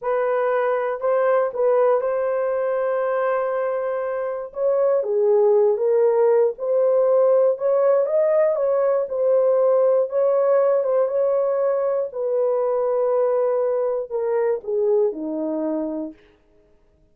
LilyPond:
\new Staff \with { instrumentName = "horn" } { \time 4/4 \tempo 4 = 119 b'2 c''4 b'4 | c''1~ | c''4 cis''4 gis'4. ais'8~ | ais'4 c''2 cis''4 |
dis''4 cis''4 c''2 | cis''4. c''8 cis''2 | b'1 | ais'4 gis'4 dis'2 | }